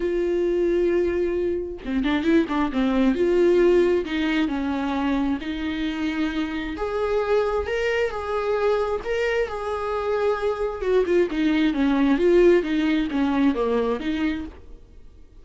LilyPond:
\new Staff \with { instrumentName = "viola" } { \time 4/4 \tempo 4 = 133 f'1 | c'8 d'8 e'8 d'8 c'4 f'4~ | f'4 dis'4 cis'2 | dis'2. gis'4~ |
gis'4 ais'4 gis'2 | ais'4 gis'2. | fis'8 f'8 dis'4 cis'4 f'4 | dis'4 cis'4 ais4 dis'4 | }